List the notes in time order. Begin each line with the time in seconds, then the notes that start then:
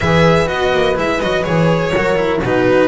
0.00 E3 G#4 B4 E5
0.46 B3 F#4 D#5
0.72 A#3
0.95 G#3 E4 E5
1.21 F#3 F#4 D#5
1.43 E3 G#4 C#5
1.95 F#3 F#4 A#4
2.15 E4
2.42 B2 D#4 F#4 B4